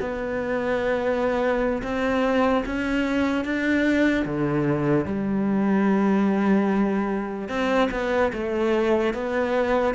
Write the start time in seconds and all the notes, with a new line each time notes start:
0.00 B3
1.83 C4
2.66 C#4
3.45 D4
4.26 D3
5.06 G3
7.49 C4
7.92 B3
8.33 A3
9.14 B3